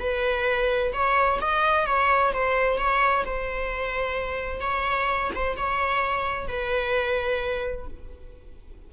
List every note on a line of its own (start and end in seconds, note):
0.00 0.93 B4
0.93 1.40 C#5
1.41 1.86 D#5
1.86 2.33 C#5
2.34 2.78 C5
2.78 3.25 C#5
3.26 4.61 C5
4.61 5.31 C#5
5.35 5.57 C5
5.57 6.48 C#5
6.48 7.88 B4